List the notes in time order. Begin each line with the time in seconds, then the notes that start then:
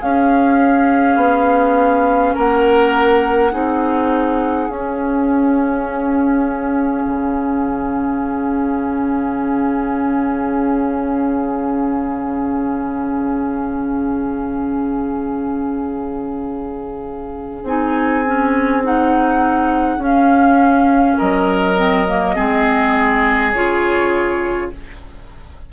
0.00 C#4 G#4 F5
1.16 B3
2.34 A#3 A#4 F#5
3.51 C4 D#4 G#4
4.69 C#4 F5
7.06 C#3
17.63 C4 D#4 G#5
18.26 C#4
18.83 D#4 F#5
19.98 C#4 F5
21.18 F#3 A#4 D#5
21.76 C4
22.08 A#3
22.35 G#3 C4 G#4
23.52 C#3 F4 C#5